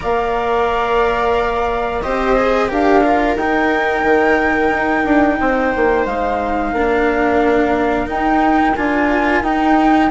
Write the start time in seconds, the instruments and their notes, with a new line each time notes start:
0.00 bassoon A#3, cello A#4, viola D5, flute F5
2.01 bassoon C4, cello G4, viola C5, flute D#5
2.36 cello G#4
2.68 bassoon D4, cello G4, viola A#4, flute F5
3.03 cello F4
3.36 bassoon D#4, cello D#4, flute G5
4.03 bassoon D#3
4.70 bassoon D#4
5.04 bassoon D4
5.40 bassoon C4, viola C5
5.75 bassoon A#3
6.06 bassoon G#3, flute F5
6.72 bassoon A#3, cello D4, viola A#4
8.06 cello D#4, bassoon D#4, flute G5
8.75 bassoon D4, cello F4, flute G#5
9.41 bassoon D#4, cello D#4, flute G5